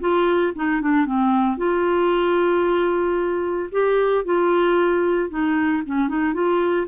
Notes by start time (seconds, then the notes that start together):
0.00 F4
0.56 D#4
0.81 D4
1.06 C4
1.57 F4
3.72 G4
4.25 F4
5.30 D#4
5.86 C#4
6.09 D#4
6.34 F4